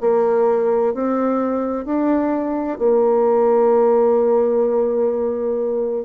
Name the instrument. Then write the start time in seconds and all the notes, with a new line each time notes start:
bassoon
0.00 A#3
0.94 C4
1.85 D4
2.78 A#3